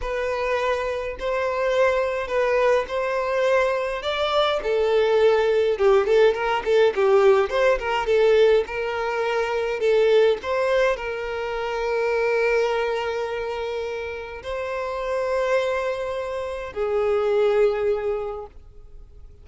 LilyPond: \new Staff \with { instrumentName = "violin" } { \time 4/4 \tempo 4 = 104 b'2 c''2 | b'4 c''2 d''4 | a'2 g'8 a'8 ais'8 a'8 | g'4 c''8 ais'8 a'4 ais'4~ |
ais'4 a'4 c''4 ais'4~ | ais'1~ | ais'4 c''2.~ | c''4 gis'2. | }